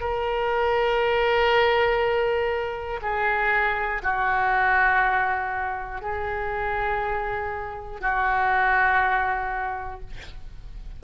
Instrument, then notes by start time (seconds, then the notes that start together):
oboe
0.00 A#4
3.02 G#4
4.03 F#4
6.01 G#4
8.00 F#4